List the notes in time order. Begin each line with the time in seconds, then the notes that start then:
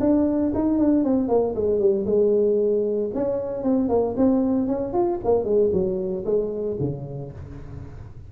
0.00 D4
0.54 D#4
0.78 D4
1.04 C4
1.28 A#3
1.55 G#3
1.79 G3
2.06 G#3
3.14 C#4
3.63 C4
3.88 A#3
4.16 C4
4.67 C#4
4.93 F4
5.24 A#3
5.44 G#3
5.72 F#3
6.25 G#3
6.80 C#3